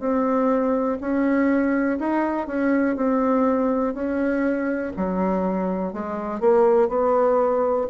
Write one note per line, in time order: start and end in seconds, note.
0.00 0.98 C4
1.01 1.99 C#4
1.99 2.47 D#4
2.47 2.96 C#4
2.97 3.95 C4
3.95 4.93 C#4
4.97 5.93 F#3
5.93 6.41 G#3
6.41 6.89 A#3
6.89 7.87 B3